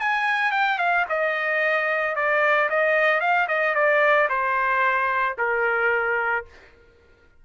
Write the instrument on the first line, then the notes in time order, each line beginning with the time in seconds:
trumpet
0.00 G#5
0.52 G5
0.79 F5
1.10 D#5
2.16 D5
2.70 D#5
3.21 F5
3.48 D#5
3.75 D5
4.30 C5
5.39 A#4